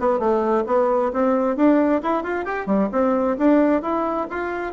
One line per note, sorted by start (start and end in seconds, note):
0.00 0.19 B3
0.19 0.64 A3
0.67 1.12 B3
1.14 1.57 C4
1.57 2.02 D4
2.03 2.24 E4
2.24 2.45 F4
2.45 2.67 G4
2.67 2.89 G3
2.92 3.38 C4
3.39 3.82 D4
3.82 4.27 E4
4.30 4.73 F4